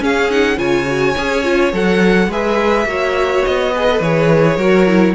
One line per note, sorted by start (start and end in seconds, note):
0.00 0.29 C#4
0.00 0.58 C#4
0.00 0.58 G#4
0.00 0.31 F5
0.30 0.57 D#4
0.30 0.58 F#5
0.57 1.15 C#3
0.57 0.85 F4
0.57 2.29 C#5
0.57 1.72 G#5
0.86 1.15 F#4
1.17 1.72 C#4
1.17 1.44 G#4
1.44 1.72 F4
1.72 2.28 F#3
1.72 2.29 A4
1.72 2.32 F#5
2.28 2.85 G#3
2.28 2.87 G#4
2.28 2.87 B4
2.28 3.45 E5
2.85 3.42 A#3
2.85 3.72 F#4
2.85 3.74 C#5
3.45 4.00 B3
3.45 4.02 D#5
3.74 3.89 G#4
3.74 4.57 B4
3.90 4.02 A4
4.00 4.57 E3
4.00 4.59 G#4
4.00 5.15 C#5
4.57 5.14 F#3
4.57 4.87 F#4
4.57 5.14 A#4
4.87 5.15 E4